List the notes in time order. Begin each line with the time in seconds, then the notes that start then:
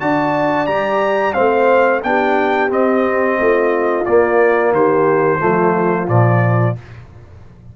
0.00 D4 F#4 D5 A5
0.67 G3 G4 A#5
1.33 A3 C4 C5 F5
2.03 B3 D4 G4 G5
2.69 C4 D#5
3.39 A3 F4
4.05 A#3 D5
4.72 D#3 G4 C5
5.39 F3 A3 F4
6.08 A#2 F3 D5